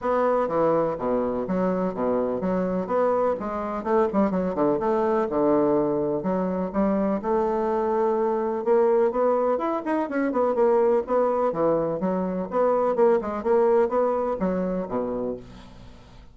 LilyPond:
\new Staff \with { instrumentName = "bassoon" } { \time 4/4 \tempo 4 = 125 b4 e4 b,4 fis4 | b,4 fis4 b4 gis4 | a8 g8 fis8 d8 a4 d4~ | d4 fis4 g4 a4~ |
a2 ais4 b4 | e'8 dis'8 cis'8 b8 ais4 b4 | e4 fis4 b4 ais8 gis8 | ais4 b4 fis4 b,4 | }